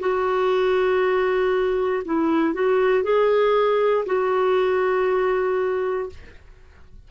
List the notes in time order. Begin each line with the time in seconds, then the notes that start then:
0.00 F#4
2.06 E4
2.54 F#4
3.04 G#4
4.06 F#4